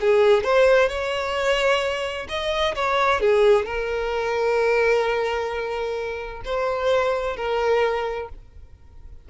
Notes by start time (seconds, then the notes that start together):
0.00 G#4
0.43 C5
0.88 C#5
2.28 D#5
2.75 C#5
3.20 G#4
3.65 A#4
6.44 C5
7.36 A#4